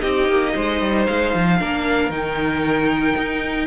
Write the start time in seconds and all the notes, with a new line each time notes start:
0.00 C4 D#4 G4 D#5
0.28 A#3
0.54 G#3 C5
0.81 G3
1.06 G#3 F5
1.34 F3
1.58 A#3 D4 A#4
2.09 D#3 D#4 G5
3.17 D#4